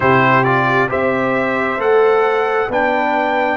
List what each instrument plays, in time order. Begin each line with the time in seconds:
0.00 tuba C3, trombone E4, horn G4, trumpet C5
0.44 trombone F4, trumpet D5
0.88 tuba C4, trombone G4, horn C5, trumpet E5
1.77 tuba A3, trombone A4, trumpet F#5
2.68 tuba B3, trombone D4, horn B4, trumpet G5